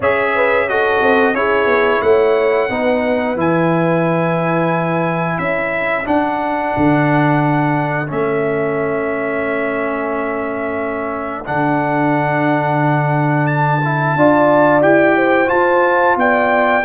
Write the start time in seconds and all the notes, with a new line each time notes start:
0.00 C#4 G#4 C#5 E5
0.35 B4
0.68 F#4 A4 D#5
1.02 C4
1.33 C#4 E4 G#4 C#5
1.66 B3
2.01 A3 C#5 F#5
2.69 B3 D#4 B4
3.36 E3 E4 G#5
5.38 C#4 A4 E5
6.04 D4 F#5
6.76 D3
8.07 A3 C#4 E5
11.45 D3 D4 F#5
13.46 A5
13.84 E4
14.15 D4 F4 D5
14.81 E4 G4 G5
15.16 C5
15.46 F4 A5
16.16 B3 D5 G5